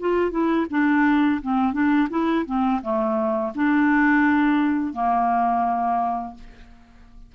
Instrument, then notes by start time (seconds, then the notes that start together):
clarinet
0.00 F4
0.31 E4
0.70 D4
1.42 C4
1.73 D4
2.10 E4
2.46 C4
2.82 A3
3.55 D4
4.93 A#3